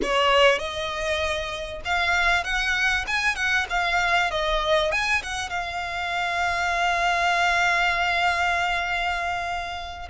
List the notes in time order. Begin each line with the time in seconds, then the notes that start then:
0.02 C#5
0.58 D#5
1.84 F5
2.44 F#5
3.07 G#5
3.35 F#5
3.69 F5
4.30 D#5
4.91 G#5
5.23 F#5
5.49 F5